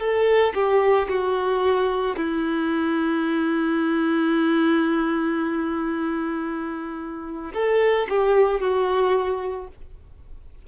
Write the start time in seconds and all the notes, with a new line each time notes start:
0.00 A4
0.55 G4
1.09 F#4
2.17 E4
7.54 A4
8.09 G4
8.61 F#4